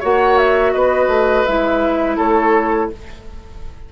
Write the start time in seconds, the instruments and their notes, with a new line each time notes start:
0.00 bassoon A#3, clarinet F#4, oboe C#5, flute F#5
0.38 flute E5
0.73 bassoon B3, oboe B4, flute D#5
1.08 bassoon A3
1.45 bassoon G#3, clarinet E4, flute E5
2.17 bassoon A3, oboe A4, flute C#5